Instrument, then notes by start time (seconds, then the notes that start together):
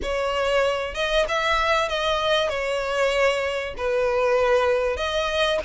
violin
0.02 C#5
0.94 D#5
1.28 E5
1.89 D#5
2.49 C#5
3.77 B4
4.97 D#5